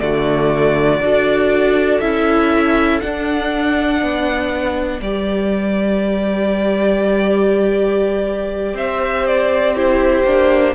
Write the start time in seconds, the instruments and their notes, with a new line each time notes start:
0.00 cello D3, viola A3, violin F#4 D5
1.00 cello D4, viola F#4, violin A4
2.00 cello C#4, viola E4, violin E5
3.00 viola D4, cello D4, violin F#5
4.02 cello B3, violin B4
5.01 cello G3, viola G4, violin D5
8.74 cello C4, violin C5 E5
9.26 violin D5
9.75 viola E4, violin G4 C5
10.24 cello A#3, viola D4